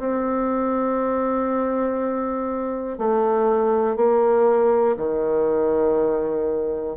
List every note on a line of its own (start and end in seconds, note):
0.00 2.98 C4
2.98 3.96 A3
3.96 4.96 A#3
4.97 6.97 D#3